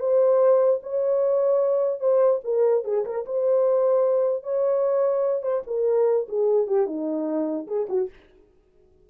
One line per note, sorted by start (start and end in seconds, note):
0.00 0.81 C5
0.83 2.00 C#5
2.00 2.40 C5
2.44 2.84 A#4
2.85 3.05 G#4
3.05 3.25 A#4
3.25 4.43 C5
4.43 5.42 C#5
5.42 5.62 C5
5.67 6.27 A#4
6.28 6.67 G#4
6.67 6.86 G4
6.86 7.67 D#4
7.67 7.87 G#4
7.89 8.10 F#4